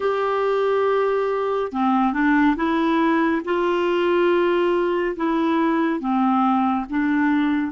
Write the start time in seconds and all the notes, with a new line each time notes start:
0.00 G4
1.72 C4
2.13 D4
2.56 E4
3.44 F4
5.16 E4
6.00 C4
6.89 D4